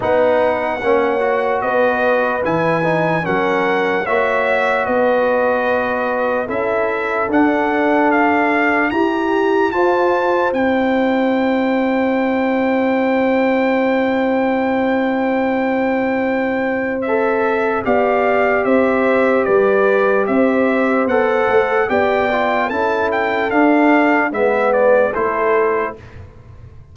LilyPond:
<<
  \new Staff \with { instrumentName = "trumpet" } { \time 4/4 \tempo 4 = 74 fis''2 dis''4 gis''4 | fis''4 e''4 dis''2 | e''4 fis''4 f''4 ais''4 | a''4 g''2.~ |
g''1~ | g''4 e''4 f''4 e''4 | d''4 e''4 fis''4 g''4 | a''8 g''8 f''4 e''8 d''8 c''4 | }
  \new Staff \with { instrumentName = "horn" } { \time 4/4 b'4 cis''4 b'2 | ais'4 cis''4 b'2 | a'2. g'4 | c''1~ |
c''1~ | c''2 d''4 c''4 | b'4 c''2 d''4 | a'2 b'4 a'4 | }
  \new Staff \with { instrumentName = "trombone" } { \time 4/4 dis'4 cis'8 fis'4. e'8 dis'8 | cis'4 fis'2. | e'4 d'2 g'4 | f'4 e'2.~ |
e'1~ | e'4 a'4 g'2~ | g'2 a'4 g'8 f'8 | e'4 d'4 b4 e'4 | }
  \new Staff \with { instrumentName = "tuba" } { \time 4/4 b4 ais4 b4 e4 | fis4 ais4 b2 | cis'4 d'2 e'4 | f'4 c'2.~ |
c'1~ | c'2 b4 c'4 | g4 c'4 b8 a8 b4 | cis'4 d'4 gis4 a4 | }
>>